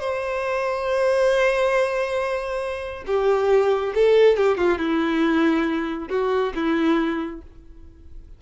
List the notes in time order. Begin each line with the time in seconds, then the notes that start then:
0.00 C5
3.07 G4
3.95 A4
4.37 G4
4.58 F4
4.78 E4
6.09 F#4
6.55 E4